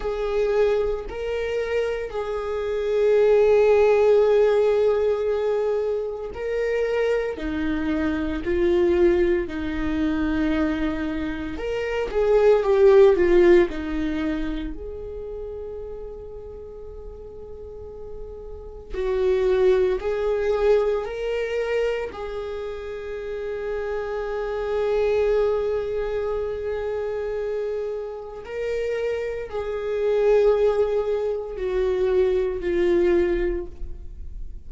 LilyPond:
\new Staff \with { instrumentName = "viola" } { \time 4/4 \tempo 4 = 57 gis'4 ais'4 gis'2~ | gis'2 ais'4 dis'4 | f'4 dis'2 ais'8 gis'8 | g'8 f'8 dis'4 gis'2~ |
gis'2 fis'4 gis'4 | ais'4 gis'2.~ | gis'2. ais'4 | gis'2 fis'4 f'4 | }